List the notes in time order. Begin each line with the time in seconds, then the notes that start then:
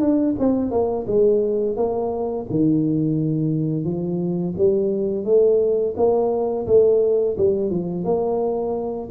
0.00 D4
0.39 C4
0.71 A#3
1.07 G#3
1.76 A#3
2.50 D#3
3.84 F3
4.58 G3
5.25 A3
5.97 A#3
6.67 A3
7.37 G3
7.70 F3
8.04 A#3